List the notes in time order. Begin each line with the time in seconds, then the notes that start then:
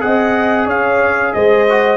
0.00 C4 G#4 D#5 F#5
0.66 C#4 C#5 F5
1.34 G#3 C5 D#5
1.69 F#4